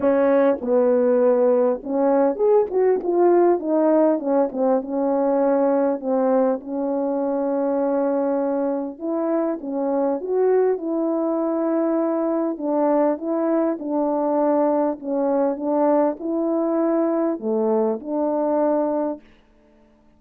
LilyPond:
\new Staff \with { instrumentName = "horn" } { \time 4/4 \tempo 4 = 100 cis'4 b2 cis'4 | gis'8 fis'8 f'4 dis'4 cis'8 c'8 | cis'2 c'4 cis'4~ | cis'2. e'4 |
cis'4 fis'4 e'2~ | e'4 d'4 e'4 d'4~ | d'4 cis'4 d'4 e'4~ | e'4 a4 d'2 | }